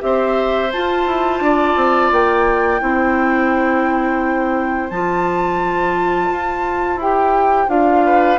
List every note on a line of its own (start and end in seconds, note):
0.00 0.73 C4
0.00 0.70 G4
0.00 1.44 C5
0.00 0.72 E5
0.72 2.81 F4
0.72 1.07 F4
0.72 2.12 A5
1.07 1.41 E4
1.41 1.75 D4
1.41 2.82 D5
1.76 2.11 C4
2.12 2.82 A#3
2.12 4.90 G5
2.81 4.91 C4
2.81 4.90 E4
2.81 8.05 C5
4.90 6.30 F3
4.90 7.01 F4
4.90 7.00 A5
6.31 6.97 F4
6.97 7.67 E4
6.97 7.69 G4
6.97 7.70 G5
7.69 8.39 D4
7.69 8.38 F4
7.69 8.39 F5
8.05 8.39 B4